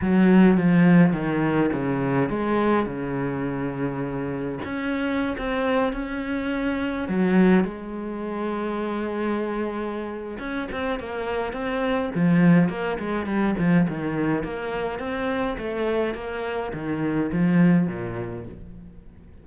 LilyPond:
\new Staff \with { instrumentName = "cello" } { \time 4/4 \tempo 4 = 104 fis4 f4 dis4 cis4 | gis4 cis2. | cis'4~ cis'16 c'4 cis'4.~ cis'16~ | cis'16 fis4 gis2~ gis8.~ |
gis2 cis'8 c'8 ais4 | c'4 f4 ais8 gis8 g8 f8 | dis4 ais4 c'4 a4 | ais4 dis4 f4 ais,4 | }